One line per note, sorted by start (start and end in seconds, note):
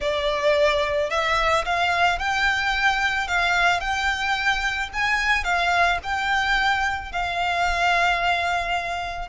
0.00 1.09 D5
1.10 1.64 E5
1.65 2.18 F5
2.18 3.27 G5
3.27 3.80 F5
3.80 4.89 G5
4.93 5.43 G#5
5.43 5.98 F5
6.03 7.12 G5
7.12 9.28 F5